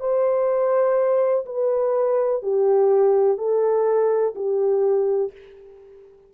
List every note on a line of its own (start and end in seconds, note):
0.00 1.45 C5
1.46 2.42 B4
2.42 3.37 G4
3.37 4.34 A4
4.35 5.32 G4